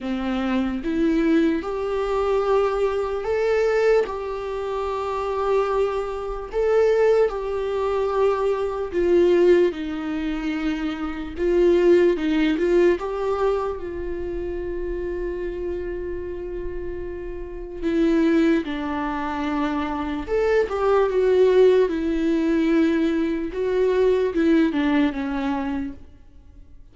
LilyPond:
\new Staff \with { instrumentName = "viola" } { \time 4/4 \tempo 4 = 74 c'4 e'4 g'2 | a'4 g'2. | a'4 g'2 f'4 | dis'2 f'4 dis'8 f'8 |
g'4 f'2.~ | f'2 e'4 d'4~ | d'4 a'8 g'8 fis'4 e'4~ | e'4 fis'4 e'8 d'8 cis'4 | }